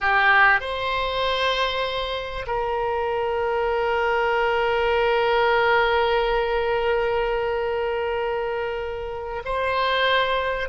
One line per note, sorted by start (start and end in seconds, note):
0.00 0.60 G4
0.60 2.45 C5
2.46 9.42 A#4
9.45 10.68 C5